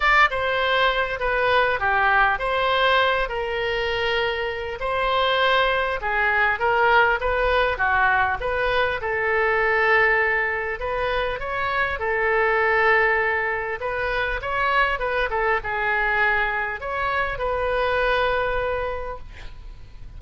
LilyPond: \new Staff \with { instrumentName = "oboe" } { \time 4/4 \tempo 4 = 100 d''8 c''4. b'4 g'4 | c''4. ais'2~ ais'8 | c''2 gis'4 ais'4 | b'4 fis'4 b'4 a'4~ |
a'2 b'4 cis''4 | a'2. b'4 | cis''4 b'8 a'8 gis'2 | cis''4 b'2. | }